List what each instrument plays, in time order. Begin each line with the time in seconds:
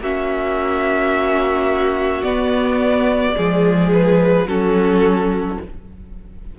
0.00 cello A#3, viola C#4, violin F#4 E5
2.23 viola B3, cello B3, violin D5
3.35 cello F3, viola G#3, violin G#4
3.93 violin B4
4.46 cello F#3, viola C#4, violin F#4 A4